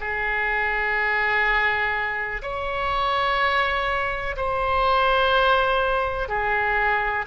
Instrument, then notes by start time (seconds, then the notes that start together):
oboe
0.00 G#4
2.42 C#5
4.36 C5
6.29 G#4